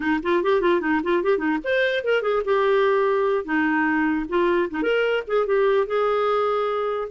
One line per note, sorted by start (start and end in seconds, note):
0.00 0.20 D#4
0.22 0.43 F4
0.43 0.61 G4
0.61 0.81 F4
0.81 1.01 D#4
1.03 1.23 F4
1.23 1.37 G4
1.37 1.58 D#4
1.64 2.03 C5
2.03 2.22 A#4
2.22 2.42 G#4
2.45 3.45 G4
3.45 4.26 D#4
4.28 4.69 F4
4.70 4.82 D#4
4.82 5.23 A#4
5.27 5.46 G#4
5.46 5.87 G4
5.87 7.08 G#4